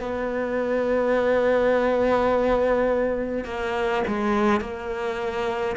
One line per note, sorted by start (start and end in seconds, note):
0.00 3.45 B3
3.45 4.03 A#3
4.08 4.61 G#3
4.61 5.76 A#3